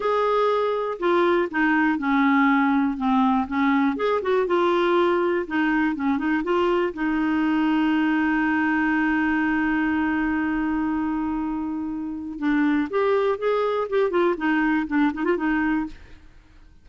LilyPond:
\new Staff \with { instrumentName = "clarinet" } { \time 4/4 \tempo 4 = 121 gis'2 f'4 dis'4 | cis'2 c'4 cis'4 | gis'8 fis'8 f'2 dis'4 | cis'8 dis'8 f'4 dis'2~ |
dis'1~ | dis'1~ | dis'4 d'4 g'4 gis'4 | g'8 f'8 dis'4 d'8 dis'16 f'16 dis'4 | }